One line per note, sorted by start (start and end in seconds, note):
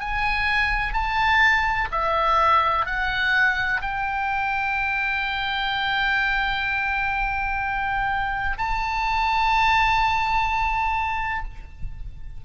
0.00 0.94 G#5
0.94 1.89 A5
1.91 2.86 E5
2.86 3.81 F#5
3.81 8.58 G5
8.58 11.44 A5